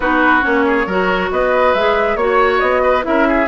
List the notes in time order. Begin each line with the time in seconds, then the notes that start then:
0.00 B3 D#4 F#4 B4
0.41 A#3 C#4 C#5
0.66 G#4
0.86 F#3 F#4 A#4
1.31 B3 B4 D#5
1.73 G#3 G#4 E5
2.15 A#3 F#4 C#5
2.59 B3 D#5
2.82 B4
3.02 C#4 E4 A#4 E5
3.27 G#4